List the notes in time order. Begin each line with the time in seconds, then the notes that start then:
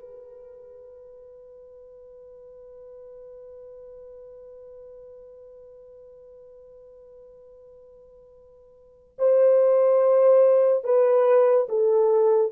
0.00 B4
9.19 C5
10.84 B4
11.69 A4